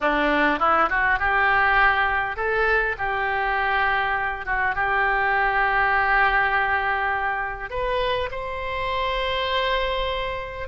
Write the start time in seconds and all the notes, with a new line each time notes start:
0.00 D4
0.59 E4
0.89 F#4
1.19 G4
2.36 A4
2.97 G4
4.45 F#4
4.75 G4
7.70 B4
8.31 C5